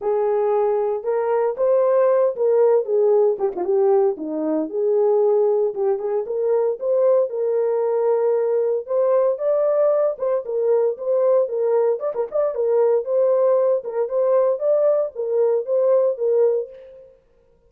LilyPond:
\new Staff \with { instrumentName = "horn" } { \time 4/4 \tempo 4 = 115 gis'2 ais'4 c''4~ | c''8 ais'4 gis'4 g'16 f'16 g'4 | dis'4 gis'2 g'8 gis'8 | ais'4 c''4 ais'2~ |
ais'4 c''4 d''4. c''8 | ais'4 c''4 ais'4 d''16 ais'16 d''8 | ais'4 c''4. ais'8 c''4 | d''4 ais'4 c''4 ais'4 | }